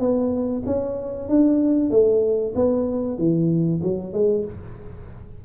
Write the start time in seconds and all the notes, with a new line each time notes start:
0.00 B3
0.67 C#4
1.29 D4
1.91 A3
2.56 B3
3.18 E3
3.83 F#3
4.14 G#3